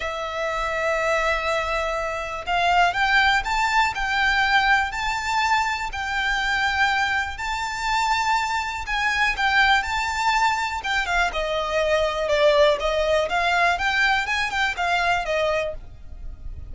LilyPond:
\new Staff \with { instrumentName = "violin" } { \time 4/4 \tempo 4 = 122 e''1~ | e''4 f''4 g''4 a''4 | g''2 a''2 | g''2. a''4~ |
a''2 gis''4 g''4 | a''2 g''8 f''8 dis''4~ | dis''4 d''4 dis''4 f''4 | g''4 gis''8 g''8 f''4 dis''4 | }